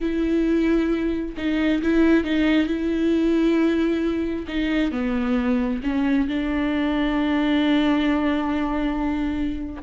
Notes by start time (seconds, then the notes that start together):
0.00 E4
1.37 D#4
1.82 E4
2.24 D#4
2.66 E4
4.47 D#4
4.91 B3
5.83 C#4
6.28 D4